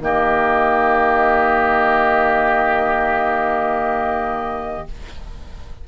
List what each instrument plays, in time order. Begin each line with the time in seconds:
0.00 bassoon D#3, clarinet A#3, oboe G4, flute D#5